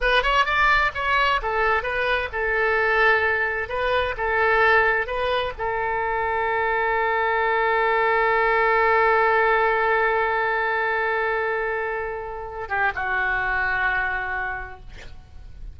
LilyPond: \new Staff \with { instrumentName = "oboe" } { \time 4/4 \tempo 4 = 130 b'8 cis''8 d''4 cis''4 a'4 | b'4 a'2. | b'4 a'2 b'4 | a'1~ |
a'1~ | a'1~ | a'2.~ a'8 g'8 | fis'1 | }